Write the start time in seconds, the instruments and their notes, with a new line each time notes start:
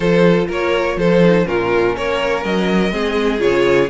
0.00 cello F3, viola F4, violin A4 C5
0.48 cello A#3, violin A#4 C#5
0.96 cello F3, violin A4 C5
1.23 viola D#4
1.45 cello A#2, viola C#4, violin F4 A#4
1.96 cello A#3, violin A#4 C#5
2.43 cello F#3, violin D#5
2.91 cello G#3, viola C4, violin G#4
3.39 cello C#3, viola F4, violin C#5